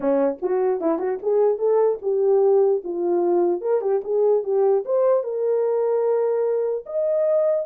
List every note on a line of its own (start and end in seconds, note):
0.00 0.38 C#4
0.42 0.81 F#4
0.81 0.98 E4
0.98 1.18 F#4
1.22 1.58 G#4
1.58 1.98 A4
2.02 2.82 G4
2.84 3.61 F4
3.61 3.81 A#4
3.81 4.01 G4
4.04 4.43 G#4
4.43 4.84 G4
4.85 5.23 C5
5.23 6.84 A#4
6.86 7.66 D#5